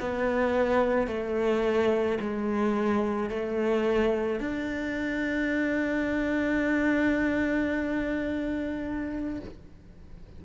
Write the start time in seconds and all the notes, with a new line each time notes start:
0.00 B3
1.07 A3
2.20 G#3
3.30 A3
4.40 D4